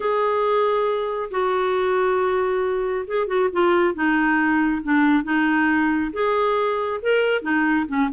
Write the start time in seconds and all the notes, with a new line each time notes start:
0.00 G#4
1.30 F#4
3.07 G#4
3.27 F#4
3.52 F4
3.94 D#4
4.83 D4
5.23 D#4
6.13 G#4
7.02 A#4
7.42 D#4
7.88 C#4